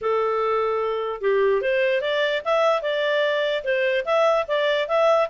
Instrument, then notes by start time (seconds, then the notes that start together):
clarinet
0.01 A4
1.21 G4
1.61 C5
2.01 D5
2.45 E5
2.82 D5
3.64 C5
4.05 E5
4.47 D5
4.87 E5